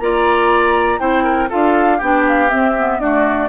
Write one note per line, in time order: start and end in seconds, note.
0.00 1.00 A#3
0.00 0.99 F4
0.00 1.00 D5
0.00 1.00 A#5
0.99 1.50 C4
0.99 1.49 E4
0.99 1.24 C5
0.99 1.50 G5
1.24 1.49 A#4
1.50 2.02 D4
1.50 2.00 F4
1.50 1.98 A4
1.50 2.01 F5
1.98 2.52 B3
1.98 2.49 D4
1.98 2.98 G4
1.98 2.26 G5
2.28 2.50 F5
2.49 2.74 C4
2.49 3.00 C4
2.49 3.00 E5
2.77 3.02 B3
3.00 3.49 A3
3.00 3.49 D4
3.00 3.49 F#4
3.00 3.49 D5